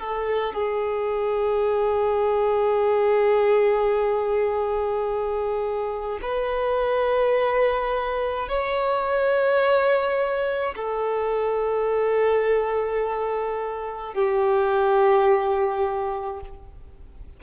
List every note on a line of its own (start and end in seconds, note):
0.00 0.54 A4
0.54 6.20 G#4
6.23 8.49 B4
8.49 10.75 C#5
10.76 14.15 A4
14.15 16.41 G4